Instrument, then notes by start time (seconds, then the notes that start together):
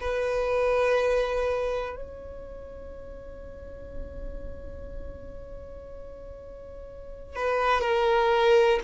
violin
0.00 B4
1.95 C#5
7.35 B4
7.81 A#4